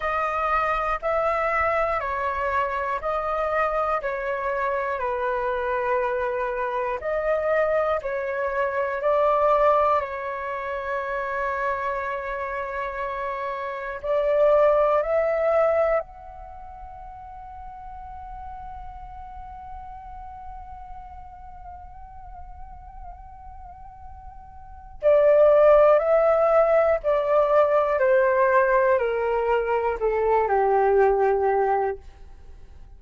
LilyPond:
\new Staff \with { instrumentName = "flute" } { \time 4/4 \tempo 4 = 60 dis''4 e''4 cis''4 dis''4 | cis''4 b'2 dis''4 | cis''4 d''4 cis''2~ | cis''2 d''4 e''4 |
fis''1~ | fis''1~ | fis''4 d''4 e''4 d''4 | c''4 ais'4 a'8 g'4. | }